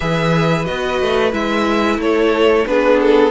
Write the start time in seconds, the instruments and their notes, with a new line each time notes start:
0.00 cello E3, viola G#4, violin B4 E5
0.64 cello B3, viola F#4, violin D#5
1.01 cello A3
1.31 cello G#3, viola E4, violin E5
1.98 cello A3, violin A4 C#5
2.66 cello B3, viola D4, violin G#4 B4
3.00 violin A4